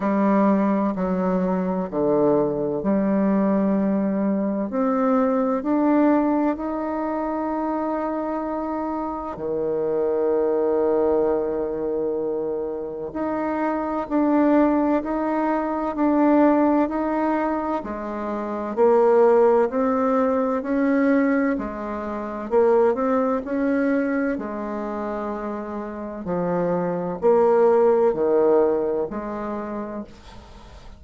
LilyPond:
\new Staff \with { instrumentName = "bassoon" } { \time 4/4 \tempo 4 = 64 g4 fis4 d4 g4~ | g4 c'4 d'4 dis'4~ | dis'2 dis2~ | dis2 dis'4 d'4 |
dis'4 d'4 dis'4 gis4 | ais4 c'4 cis'4 gis4 | ais8 c'8 cis'4 gis2 | f4 ais4 dis4 gis4 | }